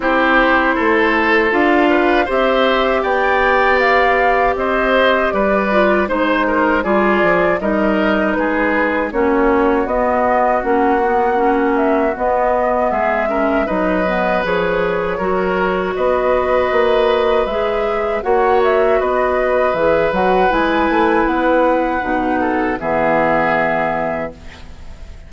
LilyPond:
<<
  \new Staff \with { instrumentName = "flute" } { \time 4/4 \tempo 4 = 79 c''2 f''4 e''4 | g''4 f''4 dis''4 d''4 | c''4 d''4 dis''4 b'4 | cis''4 dis''4 fis''4. e''8 |
dis''4 e''4 dis''4 cis''4~ | cis''4 dis''2 e''4 | fis''8 e''8 dis''4 e''8 fis''8 gis''4 | fis''2 e''2 | }
  \new Staff \with { instrumentName = "oboe" } { \time 4/4 g'4 a'4. b'8 c''4 | d''2 c''4 b'4 | c''8 ais'8 gis'4 ais'4 gis'4 | fis'1~ |
fis'4 gis'8 ais'8 b'2 | ais'4 b'2. | cis''4 b'2.~ | b'4. a'8 gis'2 | }
  \new Staff \with { instrumentName = "clarinet" } { \time 4/4 e'2 f'4 g'4~ | g'2.~ g'8 f'8 | dis'4 f'4 dis'2 | cis'4 b4 cis'8 b8 cis'4 |
b4. cis'8 dis'8 b8 gis'4 | fis'2. gis'4 | fis'2 gis'8 fis'8 e'4~ | e'4 dis'4 b2 | }
  \new Staff \with { instrumentName = "bassoon" } { \time 4/4 c'4 a4 d'4 c'4 | b2 c'4 g4 | gis4 g8 f8 g4 gis4 | ais4 b4 ais2 |
b4 gis4 fis4 f4 | fis4 b4 ais4 gis4 | ais4 b4 e8 fis8 gis8 a8 | b4 b,4 e2 | }
>>